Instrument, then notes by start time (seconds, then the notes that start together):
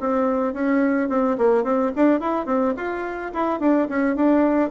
bassoon
0.00 C4
0.53 C#4
1.09 C4
1.38 A#3
1.64 C4
1.96 D4
2.20 E4
2.46 C4
2.77 F4
3.33 E4
3.60 D4
3.89 C#4
4.16 D4